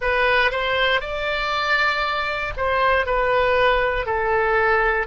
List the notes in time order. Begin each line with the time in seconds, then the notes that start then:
0.00 B4
0.51 C5
1.00 D5
2.57 C5
3.06 B4
4.06 A4